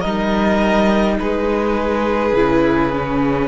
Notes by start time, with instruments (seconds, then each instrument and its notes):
0.00 cello G3, viola D#4, violin A#4 D#5
1.19 cello G#3, violin G#4 B4
2.33 cello C#3, viola E4
2.93 viola C#4